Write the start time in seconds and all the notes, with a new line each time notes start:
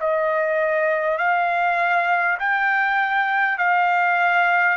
0.00 D#5
1.18 F5
2.39 G5
3.58 F5